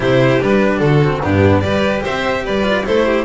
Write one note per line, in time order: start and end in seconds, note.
0.00 0.40 C3
0.00 0.40 E4
0.00 0.80 G4
0.00 0.41 C5
0.40 0.80 G3
0.40 1.01 D4
0.40 0.78 B4
0.78 1.20 D3
0.78 1.22 F#4
0.78 1.19 A4
1.03 1.22 C4
1.22 1.63 G2
1.22 1.63 B3
1.22 1.64 D4
1.22 1.60 G4
1.60 2.03 G3
1.60 2.63 G4
1.60 2.02 B4
1.60 2.01 D5
2.02 2.47 C4
2.02 2.43 C5
2.02 2.45 E5
2.44 2.87 G3
2.44 2.85 B4
2.44 2.86 D5
2.63 2.83 F4
2.85 3.24 A3
2.85 3.24 E4
2.85 3.05 A4
2.85 3.24 C5
3.05 3.24 G4